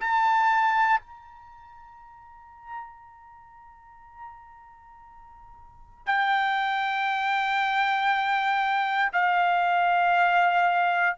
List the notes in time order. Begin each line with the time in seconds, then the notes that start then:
0.00 A5
1.00 A#5
6.06 G5
9.13 F5